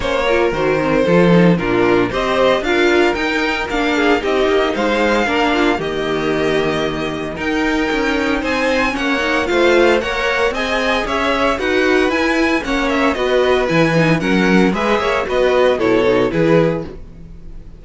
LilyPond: <<
  \new Staff \with { instrumentName = "violin" } { \time 4/4 \tempo 4 = 114 cis''4 c''2 ais'4 | dis''4 f''4 g''4 f''4 | dis''4 f''2 dis''4~ | dis''2 g''2 |
gis''4 fis''4 f''4 fis''4 | gis''4 e''4 fis''4 gis''4 | fis''8 e''8 dis''4 gis''4 fis''4 | e''4 dis''4 cis''4 b'4 | }
  \new Staff \with { instrumentName = "violin" } { \time 4/4 c''8 ais'4. a'4 f'4 | c''4 ais'2~ ais'8 gis'8 | g'4 c''4 ais'8 f'8 g'4~ | g'2 ais'2 |
c''4 cis''4 c''4 cis''4 | dis''4 cis''4 b'2 | cis''4 b'2 ais'4 | b'8 cis''8 b'4 a'4 gis'4 | }
  \new Staff \with { instrumentName = "viola" } { \time 4/4 cis'8 f'8 fis'8 c'8 f'8 dis'8 d'4 | g'4 f'4 dis'4 d'4 | dis'2 d'4 ais4~ | ais2 dis'2~ |
dis'4 cis'8 dis'8 f'4 ais'4 | gis'2 fis'4 e'4 | cis'4 fis'4 e'8 dis'8 cis'4 | gis'4 fis'4 e'8 dis'8 e'4 | }
  \new Staff \with { instrumentName = "cello" } { \time 4/4 ais4 dis4 f4 ais,4 | c'4 d'4 dis'4 ais4 | c'8 ais8 gis4 ais4 dis4~ | dis2 dis'4 cis'4 |
c'4 ais4 a4 ais4 | c'4 cis'4 dis'4 e'4 | ais4 b4 e4 fis4 | gis8 ais8 b4 b,4 e4 | }
>>